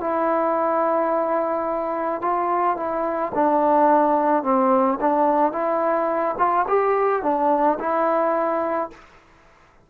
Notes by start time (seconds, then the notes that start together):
0.00 E4
2.22 F4
2.76 E4
3.35 D4
4.43 C4
5.01 D4
5.52 E4
6.38 F4
6.68 G4
7.23 D4
7.79 E4